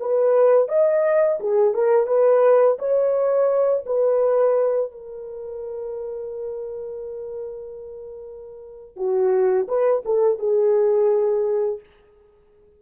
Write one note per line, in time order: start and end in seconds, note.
0.00 0.68 B4
0.68 1.39 D#5
1.40 1.74 G#4
1.74 2.07 A#4
2.07 2.78 B4
2.79 3.84 C#5
3.86 4.92 B4
4.92 8.96 A#4
8.96 9.67 F#4
9.68 10.03 B4
10.05 10.39 A4
10.39 11.80 G#4